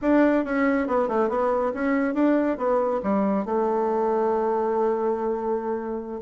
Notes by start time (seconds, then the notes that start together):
0.01 D4
0.44 C#4
0.87 B3
1.08 A3
1.29 B3
1.74 C#4
2.14 D4
2.57 B3
3.02 G3
3.45 A3